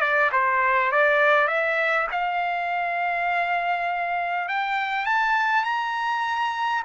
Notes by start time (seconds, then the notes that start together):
0.00 D5
0.32 C5
0.92 D5
1.47 E5
2.11 F5
4.48 G5
5.05 A5
5.64 A#5